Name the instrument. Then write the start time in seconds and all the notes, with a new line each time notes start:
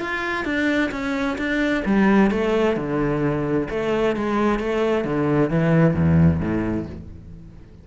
cello
0.00 F4
0.45 D4
0.91 C#4
1.38 D4
1.85 G3
2.31 A3
2.76 D3
3.70 A3
4.16 G#3
4.59 A3
5.04 D3
5.50 E3
5.94 E2
6.40 A2